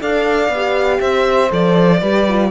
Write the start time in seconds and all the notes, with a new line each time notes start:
0.00 D4 A4 D5 F5
0.49 B3
0.55 G4
1.00 C4 C5 E5
1.50 F3 A4 D5
1.99 G3 G4 B4
2.29 F4